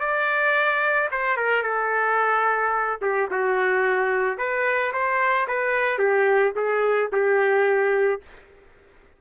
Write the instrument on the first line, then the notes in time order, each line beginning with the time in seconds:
trumpet
0.00 D5
1.11 C5
1.37 A#4
1.63 A4
3.02 G4
3.31 F#4
4.38 B4
4.93 C5
5.48 B4
5.99 G4
6.56 G#4
7.12 G4